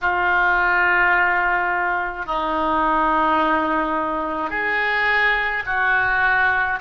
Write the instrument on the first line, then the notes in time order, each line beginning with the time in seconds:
oboe
0.01 F4
2.26 D#4
4.50 G#4
5.66 F#4